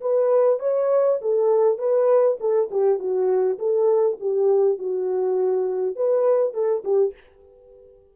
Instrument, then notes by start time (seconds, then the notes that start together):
horn
0.00 B4
0.59 C#5
1.21 A4
1.78 B4
2.40 A4
2.71 G4
2.98 F#4
3.58 A4
4.20 G4
4.78 F#4
5.95 B4
6.53 A4
6.84 G4